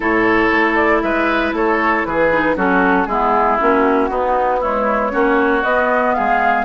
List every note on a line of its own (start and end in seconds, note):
0.00 0.50 A2
0.00 2.30 E4
0.00 1.02 A4
0.00 0.75 C#5
0.52 1.03 A3
0.75 1.01 D5
1.02 1.52 G#3
1.02 1.55 B4
1.02 1.53 E5
1.52 2.03 A3
1.52 2.07 A4
1.52 2.05 C#5
2.05 2.56 E3
2.05 2.56 G#4
2.05 2.56 B4
2.31 2.55 D#4
2.55 3.06 F#3
2.55 3.07 C#4
2.55 3.07 F#4
2.55 3.06 A4
3.06 3.57 G#3
3.06 3.58 B3
3.06 4.10 E4
3.06 3.57 G#4
3.58 4.09 A#3
3.58 4.10 C#4
3.58 4.61 F#4
4.09 5.12 B3
4.09 4.62 B3
4.09 4.60 D#4
4.60 5.10 G#3
4.60 5.11 E4
4.60 5.63 C#5
5.10 5.63 A#3
5.10 5.62 C#4
5.10 6.15 F#4
5.63 6.15 B3
5.63 6.65 B3
5.63 6.14 D#5
6.14 6.65 G#3
6.14 6.65 G#4
6.14 6.65 F5